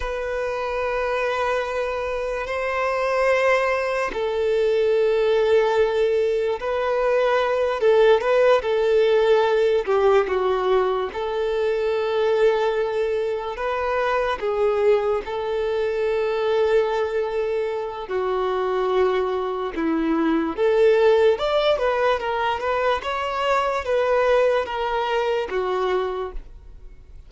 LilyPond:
\new Staff \with { instrumentName = "violin" } { \time 4/4 \tempo 4 = 73 b'2. c''4~ | c''4 a'2. | b'4. a'8 b'8 a'4. | g'8 fis'4 a'2~ a'8~ |
a'8 b'4 gis'4 a'4.~ | a'2 fis'2 | e'4 a'4 d''8 b'8 ais'8 b'8 | cis''4 b'4 ais'4 fis'4 | }